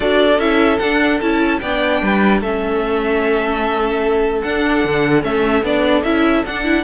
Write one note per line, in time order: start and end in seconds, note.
0.00 0.38 D4
0.00 0.37 F#4
0.00 1.60 A4
0.00 0.39 D5
0.38 0.78 C#4
0.38 0.80 E4
0.38 0.78 E5
0.78 1.20 D4
0.78 1.21 D4
0.78 1.18 F#5
1.21 1.61 C#4
1.21 1.61 E4
1.21 1.59 A5
1.59 2.01 B3
1.59 2.02 D5
1.59 2.40 G5
1.66 2.44 D4
2.02 2.41 G3
2.02 2.40 B4
2.40 4.42 A3
2.40 4.44 C#4
2.40 6.83 A4
2.40 4.41 E5
4.41 4.84 D4
4.41 5.21 D4
4.41 5.22 F#5
4.84 5.23 D3
5.21 5.62 A3
5.21 5.61 C#4
5.21 5.64 E5
5.62 6.03 B3
5.62 6.04 D4
5.62 6.03 D5
6.03 6.43 C#4
6.03 6.44 E4
6.03 6.43 E5
6.45 6.84 D4
6.45 6.64 D4
6.45 6.84 F#5
6.64 6.84 E4